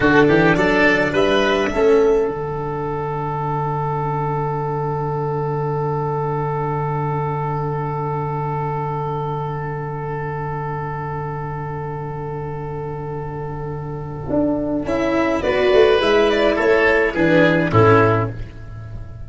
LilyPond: <<
  \new Staff \with { instrumentName = "violin" } { \time 4/4 \tempo 4 = 105 a'4 d''4 e''2 | fis''1~ | fis''1~ | fis''1~ |
fis''1~ | fis''1~ | fis''2 e''4 d''4 | e''8 d''8 cis''4 b'4 a'4 | }
  \new Staff \with { instrumentName = "oboe" } { \time 4/4 fis'8 g'8 a'4 b'4 a'4~ | a'1~ | a'1~ | a'1~ |
a'1~ | a'1~ | a'2. b'4~ | b'4 a'4 gis'4 e'4 | }
  \new Staff \with { instrumentName = "cello" } { \time 4/4 d'2. cis'4 | d'1~ | d'1~ | d'1~ |
d'1~ | d'1~ | d'2 e'4 fis'4 | e'2 d'4 cis'4 | }
  \new Staff \with { instrumentName = "tuba" } { \time 4/4 d8 e8 fis4 g4 a4 | d1~ | d1~ | d1~ |
d1~ | d1~ | d4 d'4 cis'4 b8 a8 | gis4 a4 e4 a,4 | }
>>